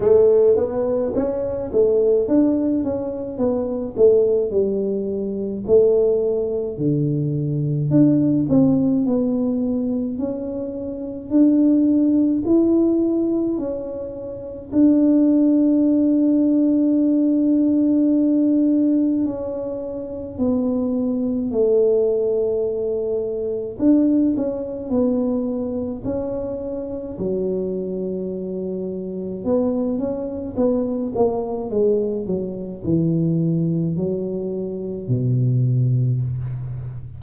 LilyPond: \new Staff \with { instrumentName = "tuba" } { \time 4/4 \tempo 4 = 53 a8 b8 cis'8 a8 d'8 cis'8 b8 a8 | g4 a4 d4 d'8 c'8 | b4 cis'4 d'4 e'4 | cis'4 d'2.~ |
d'4 cis'4 b4 a4~ | a4 d'8 cis'8 b4 cis'4 | fis2 b8 cis'8 b8 ais8 | gis8 fis8 e4 fis4 b,4 | }